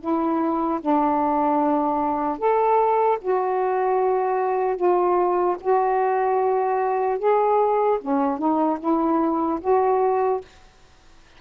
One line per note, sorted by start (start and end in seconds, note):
0.00 0.80 E4
0.81 2.38 D4
2.38 3.18 A4
3.21 4.76 F#4
4.76 5.56 F4
5.60 7.19 F#4
7.19 7.99 G#4
8.01 8.39 C#4
8.39 8.79 D#4
8.80 9.60 E4
9.61 10.41 F#4